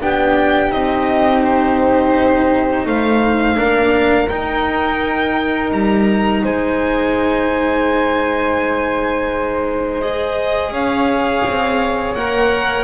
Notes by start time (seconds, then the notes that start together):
0.00 B3 D4 G4 G5
0.70 C4 D#4 D#5
1.43 C5
2.85 A3 C5 F5
3.55 A#3 D4 A#4
4.28 D#4 G5
5.71 G3 A#5
6.43 G#3 C5 G#5
10.01 G#4 D#5
10.71 C#4 C#5 F5
11.45 C4
12.14 A#3 A#4 F#5